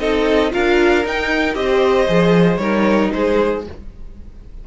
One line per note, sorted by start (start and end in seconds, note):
0.00 0.52 C4
0.00 0.52 D#4
0.00 0.52 A4
0.00 0.53 D#5
0.52 1.06 D4
0.52 1.04 F4
0.52 1.58 A#4
0.52 1.06 F5
1.05 1.55 D#4
1.05 1.55 G5
1.55 2.08 C4
1.55 2.07 G4
1.55 2.62 C5
1.55 2.57 D#5
2.08 2.58 F3
2.08 2.60 G#4
2.57 3.10 G3
2.57 3.64 D#4
2.57 3.14 A#4
2.57 3.10 C#5
3.13 3.67 G#3
3.13 3.67 G#4
3.13 3.65 C5